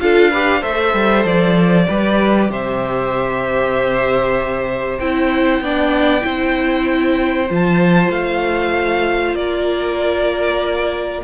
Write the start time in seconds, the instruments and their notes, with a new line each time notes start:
0.00 cello D4, viola F4, violin A4 F5
0.30 viola G4, violin B4
0.59 cello A3, viola A4, violin C5 E5
0.93 cello G3
1.24 cello F3, violin D5
1.87 cello G3, viola G4, violin B4
2.49 cello C3, violin C5 E5
4.99 cello C4, viola E4, violin G5
5.60 cello B3, viola D4, violin D5
6.21 cello C4, viola E4, violin C5
7.49 cello F3, viola F4, violin A5
8.09 cello A3, violin F5
9.33 cello A#3, violin A#4 D5